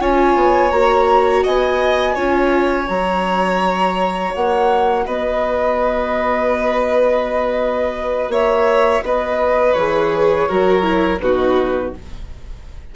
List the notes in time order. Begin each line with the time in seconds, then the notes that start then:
0.00 C#4 F4 C#5 G#5
0.36 B3
0.71 A#3 F#4 A#5
1.44 B3 D#5 G#5
2.15 C#4 F4 C#5
2.85 F#3 F#4 A#5
4.34 A#3 F#5
5.06 B3 B4 D#5
8.29 A#3 C#5 E5
9.03 B3 B4 D#5
9.74 E3 G#4 C#5
10.48 F#3 F#4 A#4
10.83 E4
11.21 B2 D#4 F#4 B4